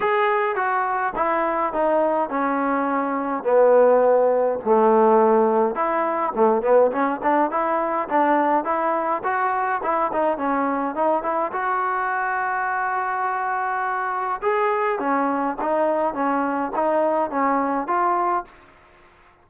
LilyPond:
\new Staff \with { instrumentName = "trombone" } { \time 4/4 \tempo 4 = 104 gis'4 fis'4 e'4 dis'4 | cis'2 b2 | a2 e'4 a8 b8 | cis'8 d'8 e'4 d'4 e'4 |
fis'4 e'8 dis'8 cis'4 dis'8 e'8 | fis'1~ | fis'4 gis'4 cis'4 dis'4 | cis'4 dis'4 cis'4 f'4 | }